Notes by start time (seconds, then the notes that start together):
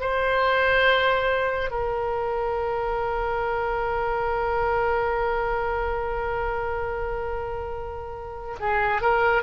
0.00 C5
1.70 A#4
8.59 G#4
9.01 A#4